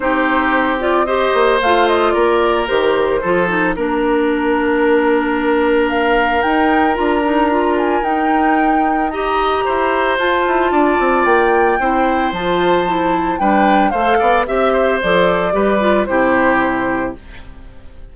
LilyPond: <<
  \new Staff \with { instrumentName = "flute" } { \time 4/4 \tempo 4 = 112 c''4. d''8 dis''4 f''8 dis''8 | d''4 c''2 ais'4~ | ais'2. f''4 | g''4 ais''4. gis''8 g''4~ |
g''4 ais''2 a''4~ | a''4 g''2 a''4~ | a''4 g''4 f''4 e''4 | d''2 c''2 | }
  \new Staff \with { instrumentName = "oboe" } { \time 4/4 g'2 c''2 | ais'2 a'4 ais'4~ | ais'1~ | ais'1~ |
ais'4 dis''4 c''2 | d''2 c''2~ | c''4 b'4 c''8 d''8 e''8 c''8~ | c''4 b'4 g'2 | }
  \new Staff \with { instrumentName = "clarinet" } { \time 4/4 dis'4. f'8 g'4 f'4~ | f'4 g'4 f'8 dis'8 d'4~ | d'1 | dis'4 f'8 dis'8 f'4 dis'4~ |
dis'4 g'2 f'4~ | f'2 e'4 f'4 | e'4 d'4 a'4 g'4 | a'4 g'8 f'8 e'2 | }
  \new Staff \with { instrumentName = "bassoon" } { \time 4/4 c'2~ c'8 ais8 a4 | ais4 dis4 f4 ais4~ | ais1 | dis'4 d'2 dis'4~ |
dis'2 e'4 f'8 e'8 | d'8 c'8 ais4 c'4 f4~ | f4 g4 a8 b8 c'4 | f4 g4 c2 | }
>>